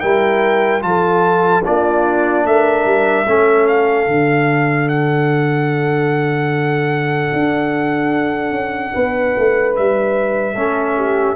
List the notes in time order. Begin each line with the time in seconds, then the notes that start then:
0.00 G3 E4 A#4 G5
0.81 F3 F4 A4 A5
1.64 A#3 D4 F4 D5
2.45 A3 A#4 E5
2.85 G3
3.27 A3 C#4 A4
3.67 F5
4.06 D3 D4
4.88 F#5
7.33 D4
8.51 C#4
8.93 B3 B4
9.37 A3
9.75 G3 E5
10.54 A3 C#4 A4
10.96 G4